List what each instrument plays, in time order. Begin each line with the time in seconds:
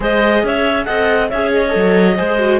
0.00 cello G#3, viola G#4, clarinet C5 D#5
0.43 cello C#4, clarinet C#5 E5
0.85 cello C4, viola A4, clarinet D#5 F#5
1.29 cello C#4, viola G#4, clarinet C#5 E5
1.53 clarinet D#5
1.69 cello F#3, viola A4
2.16 cello G#3, viola G#4, clarinet C5
2.38 viola F#4